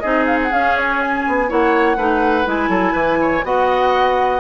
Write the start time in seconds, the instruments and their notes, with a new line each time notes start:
0.00 bassoon C4, clarinet D#4, oboe G#4, flute D#5
0.26 flute F5
0.43 flute F#5
0.51 bassoon C#4, clarinet C#4, flute F5
0.77 flute C#5
1.01 flute G#5
1.27 bassoon B3
1.48 bassoon A#3, clarinet E4, oboe C#5, flute F#5
1.97 bassoon A3, clarinet D#4, oboe B4
2.45 bassoon G#3, clarinet E4, flute G#5
2.68 bassoon F#3, oboe A4
2.92 bassoon E3, oboe B4
3.21 oboe C#5
3.44 bassoon B3, clarinet F#4, oboe D#5, flute F#5